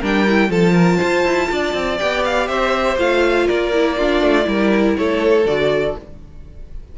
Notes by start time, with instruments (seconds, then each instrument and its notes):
0.00 cello G3, viola D4, violin A#4 G5
0.27 viola E4
0.49 cello F3, viola F4, violin A4 A5
0.72 violin A#4
0.97 cello F4, violin C5
1.25 cello E4
1.52 cello D4, violin D5
1.73 cello C4
1.98 cello B3, viola G4, violin G5
2.25 violin F5
2.48 cello C4, violin C5 E5
2.98 cello A3, viola F4, violin F5
3.47 cello A#3, violin A#4 D5
3.73 viola E4
3.97 viola D4, violin F4
4.22 cello A3
4.43 cello G3, viola E4, violin A#4
4.97 cello A3, violin A4 C#5
5.46 cello D3, viola F#4, violin D5